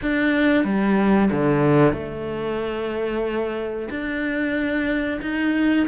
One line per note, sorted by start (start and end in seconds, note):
0.02 0.64 D4
0.64 1.29 G3
1.31 1.93 D3
1.93 3.88 A3
3.90 5.20 D4
5.21 5.86 D#4